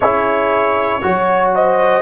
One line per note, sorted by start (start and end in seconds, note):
0.00 1.02 C#4
0.00 1.01 E4
0.00 1.00 G#4
0.00 1.51 C#5
1.01 2.01 F#3
1.01 2.01 F#4
1.01 1.54 C#5
1.54 2.01 C5
1.54 2.01 D#5